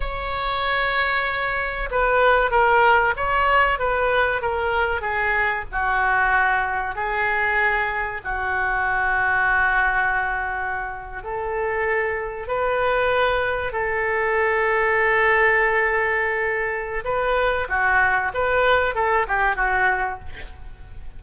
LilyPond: \new Staff \with { instrumentName = "oboe" } { \time 4/4 \tempo 4 = 95 cis''2. b'4 | ais'4 cis''4 b'4 ais'4 | gis'4 fis'2 gis'4~ | gis'4 fis'2.~ |
fis'4.~ fis'16 a'2 b'16~ | b'4.~ b'16 a'2~ a'16~ | a'2. b'4 | fis'4 b'4 a'8 g'8 fis'4 | }